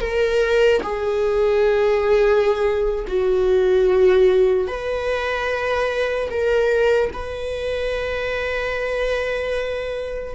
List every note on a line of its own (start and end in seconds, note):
0.00 0.81 A#4
0.83 3.06 G#4
3.07 4.67 F#4
4.67 6.29 B4
6.30 7.11 A#4
7.13 10.35 B4